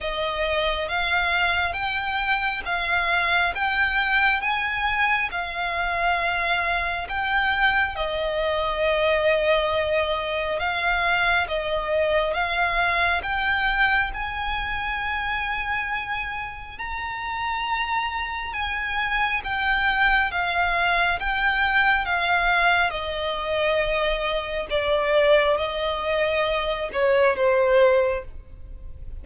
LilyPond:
\new Staff \with { instrumentName = "violin" } { \time 4/4 \tempo 4 = 68 dis''4 f''4 g''4 f''4 | g''4 gis''4 f''2 | g''4 dis''2. | f''4 dis''4 f''4 g''4 |
gis''2. ais''4~ | ais''4 gis''4 g''4 f''4 | g''4 f''4 dis''2 | d''4 dis''4. cis''8 c''4 | }